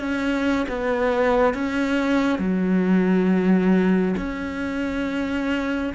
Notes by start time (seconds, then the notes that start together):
0.00 C#4
0.69 B3
1.54 C#4
2.39 F#3
4.17 C#4